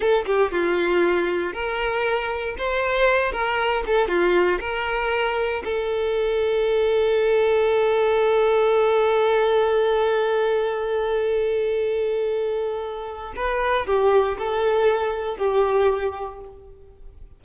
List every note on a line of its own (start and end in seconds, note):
0.00 0.25 A4
0.26 0.51 G4
0.51 1.53 F4
1.53 2.55 A#4
2.58 3.32 C5
3.32 3.83 A#4
3.86 4.07 A4
4.07 4.59 F4
4.60 5.62 A#4
5.64 13.33 A4
13.35 13.86 B4
13.86 14.37 G4
14.38 15.37 A4
15.37 16.40 G4